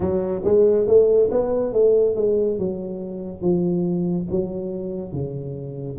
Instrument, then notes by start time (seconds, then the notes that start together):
tuba
0.00 F#3
0.44 G#3
0.86 A3
1.31 B3
1.73 A3
2.15 G#3
2.58 F#3
3.41 F3
4.30 F#3
5.12 C#3